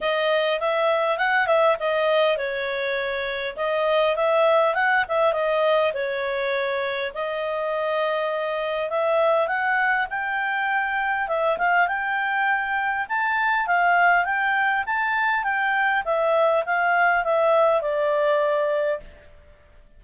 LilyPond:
\new Staff \with { instrumentName = "clarinet" } { \time 4/4 \tempo 4 = 101 dis''4 e''4 fis''8 e''8 dis''4 | cis''2 dis''4 e''4 | fis''8 e''8 dis''4 cis''2 | dis''2. e''4 |
fis''4 g''2 e''8 f''8 | g''2 a''4 f''4 | g''4 a''4 g''4 e''4 | f''4 e''4 d''2 | }